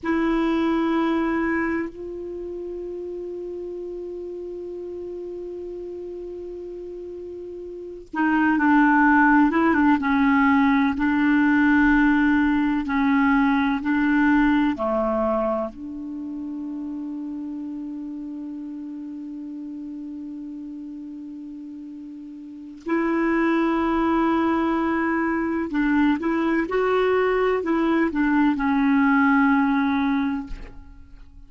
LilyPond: \new Staff \with { instrumentName = "clarinet" } { \time 4/4 \tempo 4 = 63 e'2 f'2~ | f'1~ | f'8 dis'8 d'4 e'16 d'16 cis'4 d'8~ | d'4. cis'4 d'4 a8~ |
a8 d'2.~ d'8~ | d'1 | e'2. d'8 e'8 | fis'4 e'8 d'8 cis'2 | }